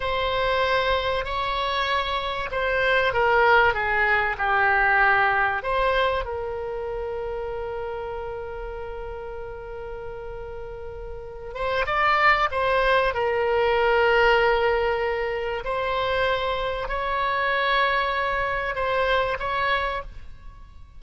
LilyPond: \new Staff \with { instrumentName = "oboe" } { \time 4/4 \tempo 4 = 96 c''2 cis''2 | c''4 ais'4 gis'4 g'4~ | g'4 c''4 ais'2~ | ais'1~ |
ais'2~ ais'8 c''8 d''4 | c''4 ais'2.~ | ais'4 c''2 cis''4~ | cis''2 c''4 cis''4 | }